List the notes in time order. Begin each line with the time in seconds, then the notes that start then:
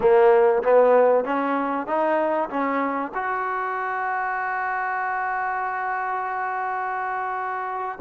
0.00 A#3
0.63 B3
1.24 C#4
1.86 D#4
2.49 C#4
3.14 F#4